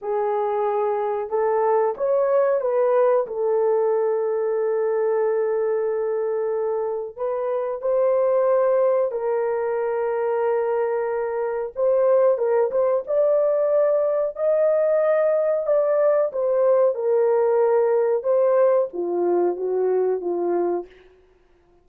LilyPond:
\new Staff \with { instrumentName = "horn" } { \time 4/4 \tempo 4 = 92 gis'2 a'4 cis''4 | b'4 a'2.~ | a'2. b'4 | c''2 ais'2~ |
ais'2 c''4 ais'8 c''8 | d''2 dis''2 | d''4 c''4 ais'2 | c''4 f'4 fis'4 f'4 | }